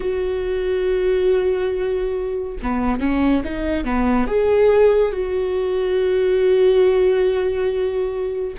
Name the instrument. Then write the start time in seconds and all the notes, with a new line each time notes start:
viola
0.00 F#4
2.62 B3
3.00 C#4
3.44 D#4
3.84 B3
4.27 G#4
5.12 F#4